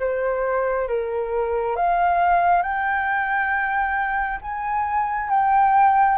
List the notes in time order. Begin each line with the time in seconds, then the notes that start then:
0.00 C5
0.88 A#4
1.76 F5
2.63 G5
4.42 G#5
5.30 G5